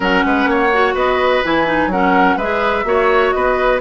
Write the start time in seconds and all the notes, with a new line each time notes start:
0.00 F#3 C#4 A#4 F#5
0.25 G#3 B4
0.45 A#3 C#5
0.72 F#4
0.94 B3 B4 D#5
1.44 E3 E4 G#5
1.66 D#4
1.86 F#3 C#4 A#4 F#5
2.36 G#3 G#4 B4 E5
2.84 A#3 F#4 C#5
3.31 B3 B4 D#5